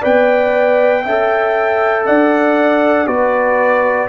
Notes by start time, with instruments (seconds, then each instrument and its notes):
0.00 tuba B3, trombone B4, horn D5, trumpet G5
1.05 tuba C#4, trombone A4, horn E5
2.06 tuba D4, horn D5, trumpet F#5
3.07 tuba B3, trombone F#4, horn B4, trumpet D5